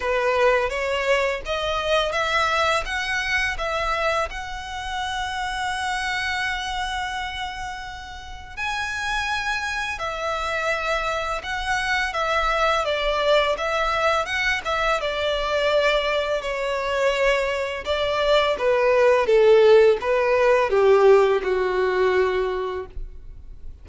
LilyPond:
\new Staff \with { instrumentName = "violin" } { \time 4/4 \tempo 4 = 84 b'4 cis''4 dis''4 e''4 | fis''4 e''4 fis''2~ | fis''1 | gis''2 e''2 |
fis''4 e''4 d''4 e''4 | fis''8 e''8 d''2 cis''4~ | cis''4 d''4 b'4 a'4 | b'4 g'4 fis'2 | }